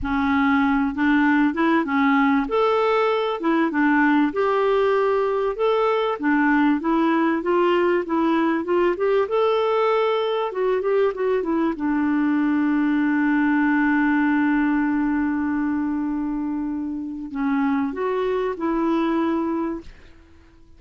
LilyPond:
\new Staff \with { instrumentName = "clarinet" } { \time 4/4 \tempo 4 = 97 cis'4. d'4 e'8 cis'4 | a'4. e'8 d'4 g'4~ | g'4 a'4 d'4 e'4 | f'4 e'4 f'8 g'8 a'4~ |
a'4 fis'8 g'8 fis'8 e'8 d'4~ | d'1~ | d'1 | cis'4 fis'4 e'2 | }